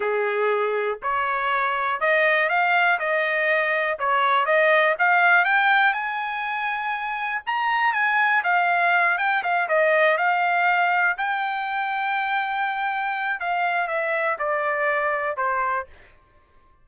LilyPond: \new Staff \with { instrumentName = "trumpet" } { \time 4/4 \tempo 4 = 121 gis'2 cis''2 | dis''4 f''4 dis''2 | cis''4 dis''4 f''4 g''4 | gis''2. ais''4 |
gis''4 f''4. g''8 f''8 dis''8~ | dis''8 f''2 g''4.~ | g''2. f''4 | e''4 d''2 c''4 | }